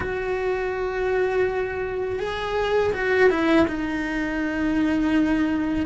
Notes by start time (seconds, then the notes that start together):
0.00 F#4
2.19 G#4
2.93 F#4
3.30 E4
3.67 D#4